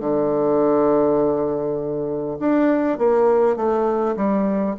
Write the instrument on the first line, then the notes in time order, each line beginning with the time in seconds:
bassoon
0.00 D3
2.39 D4
2.98 A#3
3.56 A3
4.16 G3